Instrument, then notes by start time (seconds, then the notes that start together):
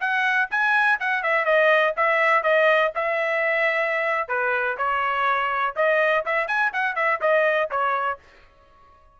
trumpet
0.00 F#5
0.50 G#5
0.99 F#5
1.23 E5
1.45 D#5
1.96 E5
2.43 D#5
2.95 E5
4.28 B4
4.77 C#5
5.75 D#5
6.25 E5
6.47 G#5
6.73 F#5
6.95 E5
7.21 D#5
7.70 C#5